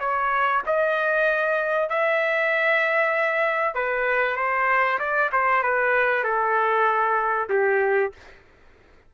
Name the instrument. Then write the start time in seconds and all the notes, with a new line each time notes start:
trumpet
0.00 C#5
0.66 D#5
1.90 E5
3.75 B4
4.36 C5
4.99 D5
5.32 C5
5.63 B4
6.24 A4
7.50 G4